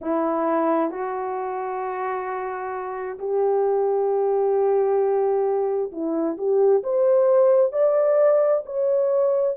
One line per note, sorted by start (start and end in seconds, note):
0.01 0.90 E4
0.90 3.18 F#4
3.18 5.91 G4
5.91 6.37 E4
6.37 6.83 G4
6.83 7.72 C5
7.72 8.63 D5
8.65 9.56 C#5